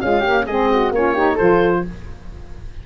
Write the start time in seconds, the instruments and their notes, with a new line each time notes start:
0.00 saxophone G#3, tuba C#4, flute F4, oboe F5
0.20 saxophone A#3, flute G4
0.46 tuba G#3, saxophone C4, flute G#4, oboe D#5
0.70 flute F#4
0.91 tuba A#3, saxophone C#4, flute F4, oboe C#5
1.14 saxophone D#4, flute G4
1.34 tuba F3, saxophone F4, flute A4, oboe C5